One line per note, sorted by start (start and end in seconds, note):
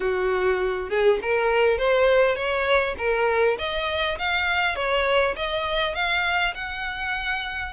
0.00 0.89 F#4
0.89 1.19 G#4
1.22 1.77 A#4
1.77 2.35 C5
2.35 2.95 C#5
2.98 3.57 A#4
3.58 4.17 D#5
4.18 4.75 F5
4.75 5.35 C#5
5.36 5.94 D#5
5.94 6.54 F5
6.54 7.73 F#5